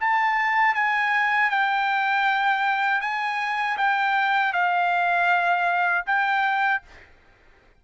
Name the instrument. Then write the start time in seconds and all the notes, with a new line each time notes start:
trumpet
0.00 A5
0.74 G#5
1.50 G5
3.01 G#5
3.77 G5
4.53 F5
6.06 G5